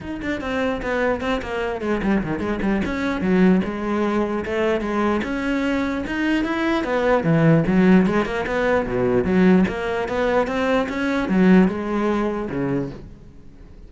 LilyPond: \new Staff \with { instrumentName = "cello" } { \time 4/4 \tempo 4 = 149 dis'8 d'8 c'4 b4 c'8 ais8~ | ais8 gis8 g8 dis8 gis8 g8 cis'4 | fis4 gis2 a4 | gis4 cis'2 dis'4 |
e'4 b4 e4 fis4 | gis8 ais8 b4 b,4 fis4 | ais4 b4 c'4 cis'4 | fis4 gis2 cis4 | }